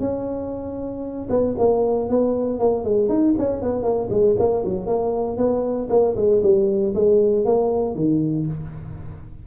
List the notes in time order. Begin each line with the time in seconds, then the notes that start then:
0.00 C#4
1.30 B3
1.58 A#3
2.09 B3
2.59 A#3
2.85 G#3
3.09 D#4
3.38 C#4
3.62 B3
3.83 A#3
4.10 G#3
4.39 A#3
4.65 F#3
4.86 A#3
5.37 B3
5.90 A#3
6.17 G#3
6.43 G3
6.95 G#3
7.45 A#3
7.95 D#3